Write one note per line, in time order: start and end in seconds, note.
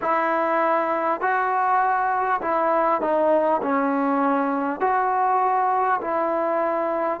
0.01 1.21 E4
1.21 2.41 F#4
2.41 3.01 E4
3.01 3.61 D#4
3.62 4.80 C#4
4.80 6.00 F#4
6.01 7.20 E4